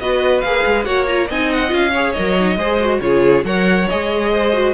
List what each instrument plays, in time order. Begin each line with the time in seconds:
0.00 cello B3, viola F#4, violin B4 D#5
0.41 cello A#3, viola G#4, violin F5
0.66 cello G#3
0.85 cello A#3, viola F#4, violin C#5 F#5
1.07 viola F4, violin A#5
1.28 cello C4, viola D#4, violin D#5 G#5
1.53 violin F#5
1.69 cello C#4, viola F4, violin F5
1.93 viola G#4, violin C#5
2.13 cello F#3, viola A#4, violin D#5
2.40 viola D#4
2.57 cello G#3, viola G#4, violin C5
2.81 viola F#4
3.01 cello C#3, viola F4, violin G#4 C#5
3.44 cello F#3, viola A#4, violin C#5 F#5
3.89 cello G#3, viola G#4, violin D#5
4.33 violin C5
4.54 viola F#4